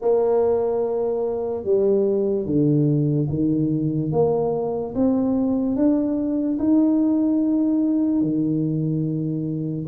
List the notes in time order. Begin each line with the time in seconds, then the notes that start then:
0.01 A#3
1.64 G3
2.45 D3
3.29 D#3
4.11 A#3
4.95 C4
5.75 D4
6.59 D#4
8.21 D#3